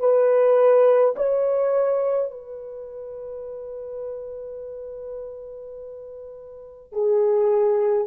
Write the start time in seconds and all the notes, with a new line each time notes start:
0.00 B4
1.16 C#5
2.32 B4
6.93 G#4